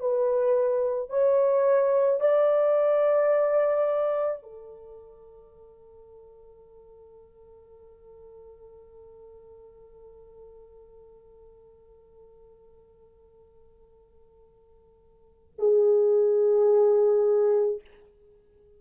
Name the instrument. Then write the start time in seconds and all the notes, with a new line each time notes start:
horn
0.00 B4
1.09 C#5
2.20 D5
4.42 A4
15.58 G#4